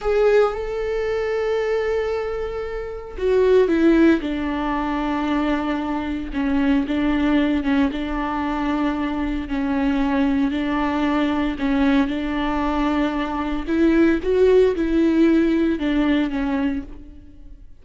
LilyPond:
\new Staff \with { instrumentName = "viola" } { \time 4/4 \tempo 4 = 114 gis'4 a'2.~ | a'2 fis'4 e'4 | d'1 | cis'4 d'4. cis'8 d'4~ |
d'2 cis'2 | d'2 cis'4 d'4~ | d'2 e'4 fis'4 | e'2 d'4 cis'4 | }